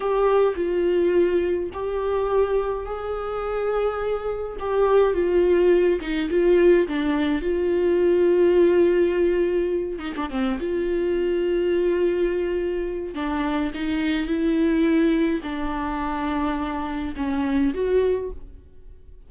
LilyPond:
\new Staff \with { instrumentName = "viola" } { \time 4/4 \tempo 4 = 105 g'4 f'2 g'4~ | g'4 gis'2. | g'4 f'4. dis'8 f'4 | d'4 f'2.~ |
f'4. dis'16 d'16 c'8 f'4.~ | f'2. d'4 | dis'4 e'2 d'4~ | d'2 cis'4 fis'4 | }